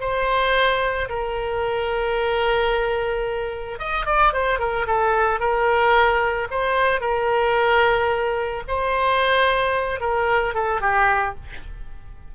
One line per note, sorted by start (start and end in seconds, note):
0.00 1.08 C5
1.09 3.79 A#4
3.79 4.06 D#5
4.06 4.33 D5
4.33 4.59 C5
4.59 4.86 A#4
4.86 5.40 A4
5.40 6.48 A#4
6.50 7.00 C5
7.00 8.63 A#4
8.68 10.00 C5
10.00 10.54 A#4
10.54 10.81 A4
10.81 11.35 G4